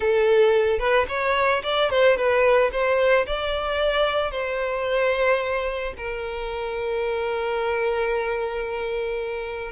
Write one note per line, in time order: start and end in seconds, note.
0.00 0.79 A4
0.79 1.06 B4
1.08 1.62 C#5
1.62 1.89 D5
1.90 2.16 C5
2.16 2.70 B4
2.71 3.26 C5
3.26 4.31 D5
4.31 5.93 C5
5.97 9.71 A#4